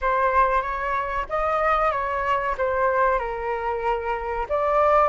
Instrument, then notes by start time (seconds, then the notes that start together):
flute
0.01 C5
0.62 C#5
1.29 D#5
1.91 C#5
2.57 C5
3.19 A#4
4.49 D5